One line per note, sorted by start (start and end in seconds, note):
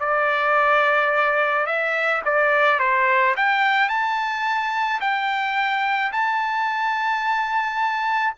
0.00 1.66 D5
1.66 2.22 E5
2.25 2.79 D5
2.79 3.35 C5
3.37 3.89 G5
3.89 5.00 A5
5.01 6.12 G5
6.12 8.35 A5